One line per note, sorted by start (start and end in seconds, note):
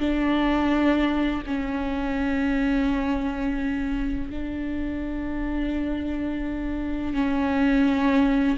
0.00 1.43 D4
1.47 4.30 C#4
4.30 7.15 D4
7.15 8.57 C#4